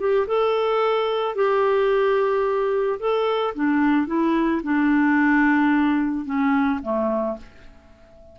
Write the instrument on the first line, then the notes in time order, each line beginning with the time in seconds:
clarinet
0.00 G4
0.28 A4
1.36 G4
3.00 A4
3.55 D4
4.08 E4
4.64 D4
6.26 C#4
6.83 A3